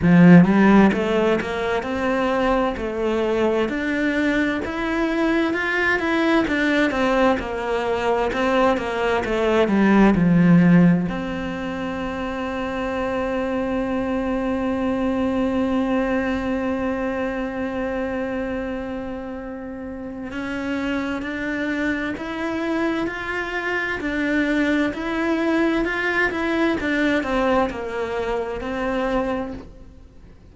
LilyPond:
\new Staff \with { instrumentName = "cello" } { \time 4/4 \tempo 4 = 65 f8 g8 a8 ais8 c'4 a4 | d'4 e'4 f'8 e'8 d'8 c'8 | ais4 c'8 ais8 a8 g8 f4 | c'1~ |
c'1~ | c'2 cis'4 d'4 | e'4 f'4 d'4 e'4 | f'8 e'8 d'8 c'8 ais4 c'4 | }